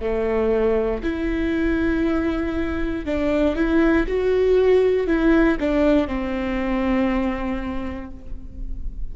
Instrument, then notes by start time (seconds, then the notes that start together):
viola
0.00 A3
1.03 E4
3.05 D4
3.56 E4
4.07 F#4
5.07 E4
5.60 D4
6.07 C4